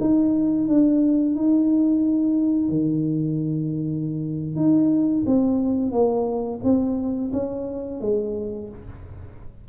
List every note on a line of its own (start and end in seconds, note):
0.00 0.68 D#4
0.68 1.35 D4
1.35 2.69 D#4
2.69 4.56 D#3
4.56 5.24 D#4
5.26 5.92 C4
5.92 6.60 A#3
6.63 7.31 C4
7.33 8.01 C#4
8.01 8.69 G#3